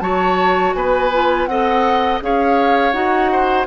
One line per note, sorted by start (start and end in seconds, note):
0.00 0.74 F#3
0.00 1.10 F#4
0.00 0.76 C#5
0.00 0.73 A5
0.74 1.47 B3
0.74 1.49 B4
0.74 1.46 G#5
1.13 1.50 F4
1.46 2.20 C4
1.46 2.22 A4
1.46 2.23 D#5
1.46 2.19 F#5
2.22 2.93 C#4
2.22 2.93 G#4
2.22 3.32 C#5
2.22 2.93 F5
2.93 3.67 D#4
2.93 3.66 F#4
2.93 3.66 F#5
3.32 3.68 C5